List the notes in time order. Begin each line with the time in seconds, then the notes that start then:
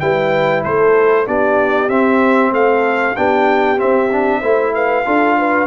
0.00 G3 E4 B4 G5
0.64 A3 A4 C5
1.26 B3 D4 G4 D5
1.89 C4 E5
2.52 A3 A4 F5
3.16 B3 D4 G4 G5
3.77 C4 E5
4.12 D4
4.40 A3 E4 C5
4.75 B4 F5
5.05 D4 F4 A4
5.39 B4